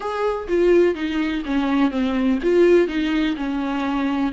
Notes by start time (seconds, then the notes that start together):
0.00 G#4
0.48 F4
0.94 D#4
1.45 C#4
1.90 C4
2.42 F4
2.87 D#4
3.36 C#4